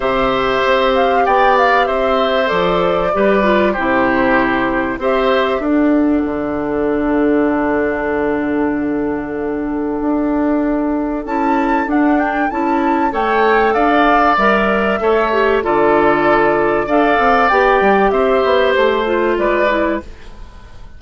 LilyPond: <<
  \new Staff \with { instrumentName = "flute" } { \time 4/4 \tempo 4 = 96 e''4. f''8 g''8 f''8 e''4 | d''2 c''2 | e''4 fis''2.~ | fis''1~ |
fis''2 a''4 fis''8 g''8 | a''4 g''4 f''4 e''4~ | e''4 d''2 f''4 | g''4 e''4 c''4 d''4 | }
  \new Staff \with { instrumentName = "oboe" } { \time 4/4 c''2 d''4 c''4~ | c''4 b'4 g'2 | c''4 a'2.~ | a'1~ |
a'1~ | a'4 cis''4 d''2 | cis''4 a'2 d''4~ | d''4 c''2 b'4 | }
  \new Staff \with { instrumentName = "clarinet" } { \time 4/4 g'1 | a'4 g'8 f'8 e'2 | g'4 d'2.~ | d'1~ |
d'2 e'4 d'4 | e'4 a'2 ais'4 | a'8 g'8 f'2 a'4 | g'2~ g'8 f'4 e'8 | }
  \new Staff \with { instrumentName = "bassoon" } { \time 4/4 c4 c'4 b4 c'4 | f4 g4 c2 | c'4 d'4 d2~ | d1 |
d'2 cis'4 d'4 | cis'4 a4 d'4 g4 | a4 d2 d'8 c'8 | b8 g8 c'8 b8 a4 gis4 | }
>>